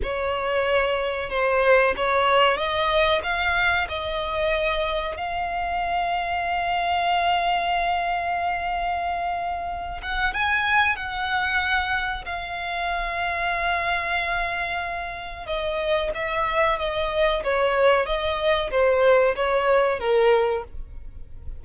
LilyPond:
\new Staff \with { instrumentName = "violin" } { \time 4/4 \tempo 4 = 93 cis''2 c''4 cis''4 | dis''4 f''4 dis''2 | f''1~ | f''2.~ f''8 fis''8 |
gis''4 fis''2 f''4~ | f''1 | dis''4 e''4 dis''4 cis''4 | dis''4 c''4 cis''4 ais'4 | }